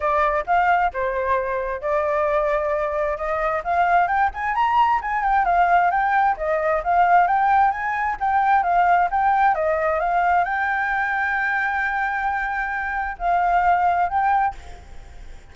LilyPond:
\new Staff \with { instrumentName = "flute" } { \time 4/4 \tempo 4 = 132 d''4 f''4 c''2 | d''2. dis''4 | f''4 g''8 gis''8 ais''4 gis''8 g''8 | f''4 g''4 dis''4 f''4 |
g''4 gis''4 g''4 f''4 | g''4 dis''4 f''4 g''4~ | g''1~ | g''4 f''2 g''4 | }